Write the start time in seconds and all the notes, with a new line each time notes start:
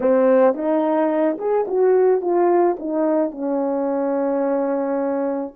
0.00 C4
0.54 D#4
1.38 G#4
1.67 F#4
2.21 F4
2.79 D#4
3.31 C#4